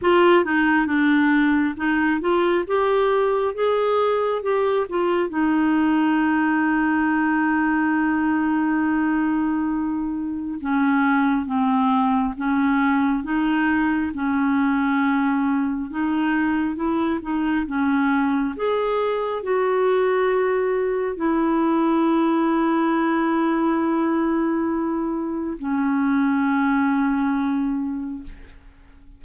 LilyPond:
\new Staff \with { instrumentName = "clarinet" } { \time 4/4 \tempo 4 = 68 f'8 dis'8 d'4 dis'8 f'8 g'4 | gis'4 g'8 f'8 dis'2~ | dis'1 | cis'4 c'4 cis'4 dis'4 |
cis'2 dis'4 e'8 dis'8 | cis'4 gis'4 fis'2 | e'1~ | e'4 cis'2. | }